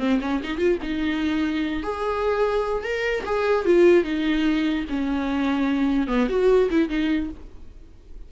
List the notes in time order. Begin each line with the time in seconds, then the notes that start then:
0.00 C4
0.22 C#4
0.44 D#4
0.58 F4
0.83 D#4
1.84 G#4
2.84 A#4
3.26 G#4
3.66 F4
4.04 D#4
4.90 C#4
6.08 B3
6.29 F#4
6.71 E4
6.90 D#4